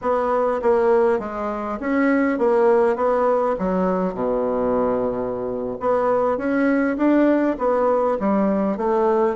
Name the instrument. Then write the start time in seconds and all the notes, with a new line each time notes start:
bassoon
0.01 B3
0.62 A#3
1.19 G#3
1.80 C#4
2.38 A#3
2.96 B3
3.58 F#3
4.14 B2
5.80 B3
6.37 C#4
6.97 D4
7.58 B3
8.19 G3
8.77 A3